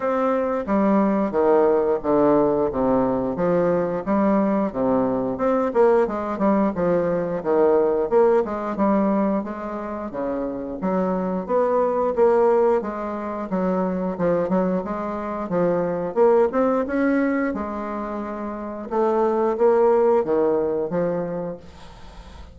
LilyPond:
\new Staff \with { instrumentName = "bassoon" } { \time 4/4 \tempo 4 = 89 c'4 g4 dis4 d4 | c4 f4 g4 c4 | c'8 ais8 gis8 g8 f4 dis4 | ais8 gis8 g4 gis4 cis4 |
fis4 b4 ais4 gis4 | fis4 f8 fis8 gis4 f4 | ais8 c'8 cis'4 gis2 | a4 ais4 dis4 f4 | }